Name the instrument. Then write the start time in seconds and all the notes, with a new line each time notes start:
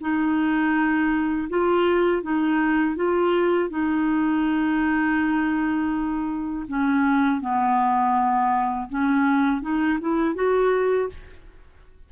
clarinet
0.00 D#4
1.49 F4
2.22 D#4
2.95 F4
3.69 D#4
6.68 C#4
7.40 B3
8.89 C#4
9.61 D#4
10.00 E4
10.35 F#4